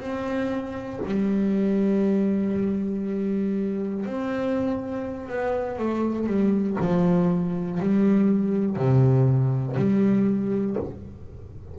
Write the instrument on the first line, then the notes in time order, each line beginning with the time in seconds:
double bass
0.00 C4
1.05 G3
4.05 C4
5.28 B3
5.78 A3
6.27 G3
6.80 F3
7.80 G3
8.76 C3
9.76 G3